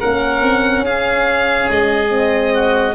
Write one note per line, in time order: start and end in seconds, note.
0.00 0.42 A#3
0.00 2.09 C#4
0.00 0.85 A#4
0.00 0.85 F#5
0.42 0.82 C4
0.82 1.66 C#4
0.82 2.54 G#4
0.82 1.70 F5
1.71 2.95 G#3
1.71 2.95 D#5
2.09 2.93 C4
2.54 2.95 F#4